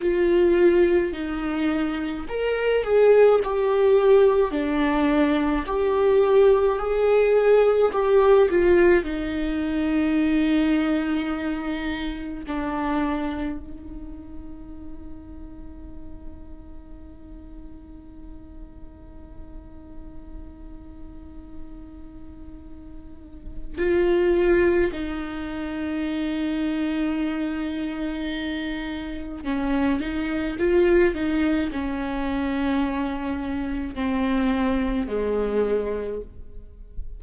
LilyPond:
\new Staff \with { instrumentName = "viola" } { \time 4/4 \tempo 4 = 53 f'4 dis'4 ais'8 gis'8 g'4 | d'4 g'4 gis'4 g'8 f'8 | dis'2. d'4 | dis'1~ |
dis'1~ | dis'4 f'4 dis'2~ | dis'2 cis'8 dis'8 f'8 dis'8 | cis'2 c'4 gis4 | }